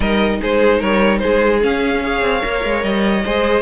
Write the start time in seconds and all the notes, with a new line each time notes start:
0.00 G3 D#4 A#4 D#5
0.42 G#3 G#4 C5
0.79 G3 A#4 C#5
1.18 G#4 C5
1.25 G#3
1.61 C#4 F5
2.02 G#4 C#5
2.21 C4
2.40 A#3 A#4
2.64 G#3
2.82 G3 D#5
3.24 G#3 G#4 C5